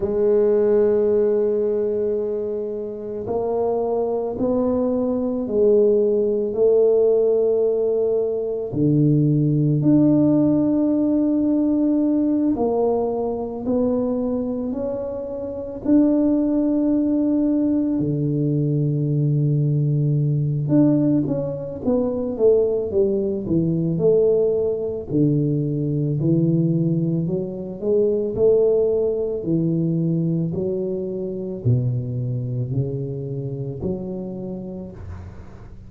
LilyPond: \new Staff \with { instrumentName = "tuba" } { \time 4/4 \tempo 4 = 55 gis2. ais4 | b4 gis4 a2 | d4 d'2~ d'8 ais8~ | ais8 b4 cis'4 d'4.~ |
d'8 d2~ d8 d'8 cis'8 | b8 a8 g8 e8 a4 d4 | e4 fis8 gis8 a4 e4 | fis4 b,4 cis4 fis4 | }